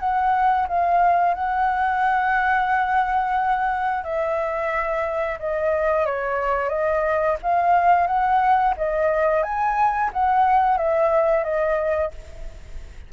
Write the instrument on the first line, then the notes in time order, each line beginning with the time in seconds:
flute
0.00 F#5
0.68 F5
1.34 F#5
4.04 E5
5.39 D#5
6.06 C#5
6.69 D#5
7.43 F5
8.07 F#5
8.77 D#5
9.43 G#5
10.13 F#5
10.78 E5
11.44 D#5